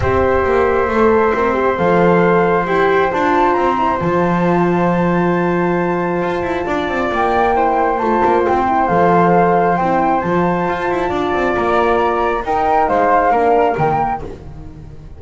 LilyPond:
<<
  \new Staff \with { instrumentName = "flute" } { \time 4/4 \tempo 4 = 135 e''1 | f''2 g''4 a''4 | ais''4 a''2.~ | a''1 |
g''2 a''4 g''4 | f''2 g''4 a''4~ | a''2 ais''2 | g''4 f''2 g''4 | }
  \new Staff \with { instrumentName = "flute" } { \time 4/4 c''1~ | c''1~ | c''1~ | c''2. d''4~ |
d''4 c''2.~ | c''1~ | c''4 d''2. | ais'4 c''4 ais'2 | }
  \new Staff \with { instrumentName = "horn" } { \time 4/4 g'2 a'4 ais'8 g'8 | a'2 g'4 f'4~ | f'8 e'8 f'2.~ | f'1~ |
f'4 e'4 f'4. e'8 | a'2 e'4 f'4~ | f'1 | dis'2 d'4 ais4 | }
  \new Staff \with { instrumentName = "double bass" } { \time 4/4 c'4 ais4 a4 c'4 | f2 e'4 d'4 | c'4 f2.~ | f2 f'8 e'8 d'8 c'8 |
ais2 a8 ais8 c'4 | f2 c'4 f4 | f'8 e'8 d'8 c'8 ais2 | dis'4 gis4 ais4 dis4 | }
>>